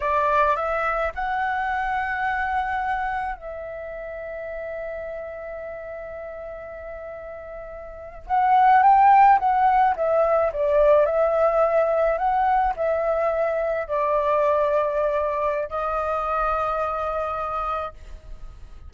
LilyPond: \new Staff \with { instrumentName = "flute" } { \time 4/4 \tempo 4 = 107 d''4 e''4 fis''2~ | fis''2 e''2~ | e''1~ | e''2~ e''8. fis''4 g''16~ |
g''8. fis''4 e''4 d''4 e''16~ | e''4.~ e''16 fis''4 e''4~ e''16~ | e''8. d''2.~ d''16 | dis''1 | }